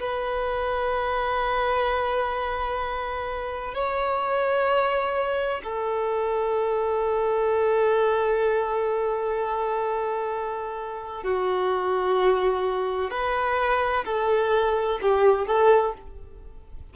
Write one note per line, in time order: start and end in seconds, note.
0.00 3.75 B4
3.75 5.62 C#5
5.64 11.24 A4
11.24 13.11 F#4
13.11 14.05 B4
14.05 14.99 A4
15.03 15.47 G4
15.47 15.94 A4